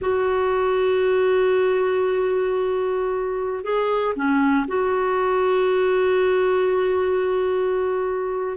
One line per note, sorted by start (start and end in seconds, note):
0.01 3.63 F#4
3.63 4.14 G#4
4.15 4.66 C#4
4.67 8.57 F#4